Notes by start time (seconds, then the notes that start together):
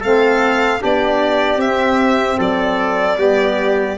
0.00 A3 C4 A4 F5
0.79 B3 D4 G4 D5
1.57 C4 E5
1.63 C4
2.38 F#3 A4 D5
3.16 G3 B3 G4